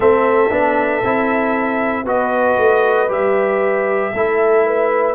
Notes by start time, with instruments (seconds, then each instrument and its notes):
0.00 tuba A3, trombone C4, horn A4, trumpet E5
0.50 tuba B3, trombone D4
1.03 tuba C4, trombone E4
2.05 tuba B3, trombone F#4, horn B4, trumpet D#5
2.58 tuba A3
3.08 tuba G3, trombone G4, trumpet E5
4.13 tuba A3, trombone E4, horn A4
4.65 horn B4